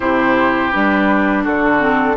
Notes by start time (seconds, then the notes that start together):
0.00 C3 E4 G4 C5
0.71 G3 D4 B4
1.43 D3 F#4 A4
1.79 C4